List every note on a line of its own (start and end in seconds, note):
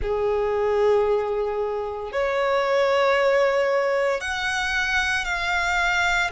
0.01 2.11 G#4
2.11 4.21 C#5
4.21 5.24 F#5
5.24 6.30 F5